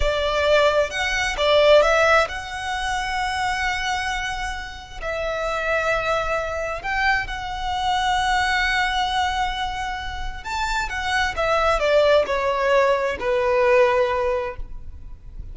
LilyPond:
\new Staff \with { instrumentName = "violin" } { \time 4/4 \tempo 4 = 132 d''2 fis''4 d''4 | e''4 fis''2.~ | fis''2. e''4~ | e''2. g''4 |
fis''1~ | fis''2. a''4 | fis''4 e''4 d''4 cis''4~ | cis''4 b'2. | }